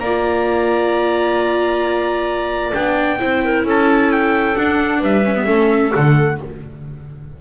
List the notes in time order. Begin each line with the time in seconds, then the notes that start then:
0.00 A#3 D5 A#5
0.07 F4
2.73 B3 D4 G5
3.20 C4 E4 C5
3.45 A#4
3.65 C#4 A4 A5
4.12 G5
4.55 D4 F#5
4.99 G3 B4 E5
5.25 C#4
5.36 B3
5.45 A3 C#4 A4
5.93 D3 A3 F#5